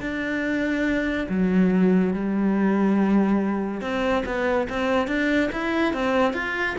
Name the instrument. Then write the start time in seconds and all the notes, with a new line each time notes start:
cello
0.00 D4
1.29 F#3
2.13 G3
3.81 C4
4.25 B3
4.69 C4
5.07 D4
5.52 E4
5.93 C4
6.33 F4